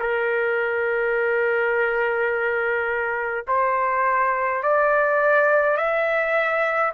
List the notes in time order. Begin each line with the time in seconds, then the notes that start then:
0.00 A#4
3.48 C5
4.63 D5
5.77 E5